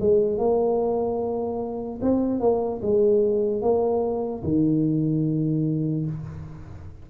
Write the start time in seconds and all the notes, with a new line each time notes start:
0.00 G#3
0.38 A#3
2.02 C4
2.40 A#3
2.82 G#3
3.62 A#3
4.43 D#3